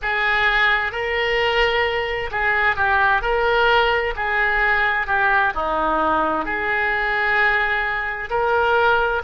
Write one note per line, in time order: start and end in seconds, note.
0.02 0.92 G#4
0.92 2.30 A#4
2.31 2.76 G#4
2.76 3.21 G4
3.21 4.14 A#4
4.15 5.06 G#4
5.06 5.53 G4
5.54 6.44 D#4
6.44 8.29 G#4
8.30 9.22 A#4